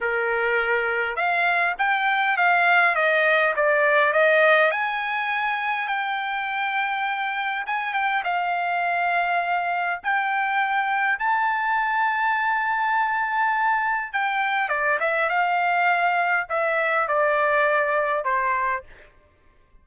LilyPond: \new Staff \with { instrumentName = "trumpet" } { \time 4/4 \tempo 4 = 102 ais'2 f''4 g''4 | f''4 dis''4 d''4 dis''4 | gis''2 g''2~ | g''4 gis''8 g''8 f''2~ |
f''4 g''2 a''4~ | a''1 | g''4 d''8 e''8 f''2 | e''4 d''2 c''4 | }